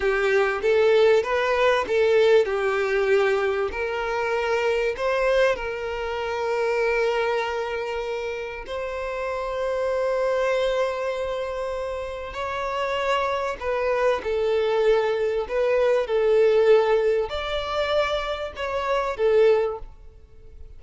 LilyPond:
\new Staff \with { instrumentName = "violin" } { \time 4/4 \tempo 4 = 97 g'4 a'4 b'4 a'4 | g'2 ais'2 | c''4 ais'2.~ | ais'2 c''2~ |
c''1 | cis''2 b'4 a'4~ | a'4 b'4 a'2 | d''2 cis''4 a'4 | }